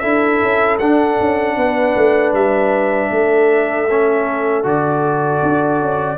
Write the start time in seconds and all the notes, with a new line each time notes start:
0.00 D4 E4 A4 E5
0.43 C#4
0.79 D4 F#5
1.20 C#4
1.57 B3 B4
1.96 A3
2.33 G3 E5
3.11 A3 A4
3.91 C#4
4.64 D3 F#4 D5
5.43 D4
5.81 C#4